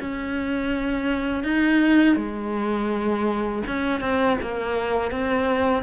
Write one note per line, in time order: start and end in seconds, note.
0.00 1.43 C#4
1.43 2.16 D#4
2.16 3.62 G#3
3.67 4.00 C#4
4.00 4.37 C4
4.41 5.11 A#3
5.11 5.83 C4